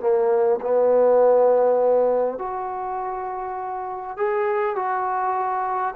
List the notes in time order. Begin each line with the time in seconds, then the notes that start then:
0.00 A#3
0.61 B3
2.38 F#4
4.17 G#4
4.76 F#4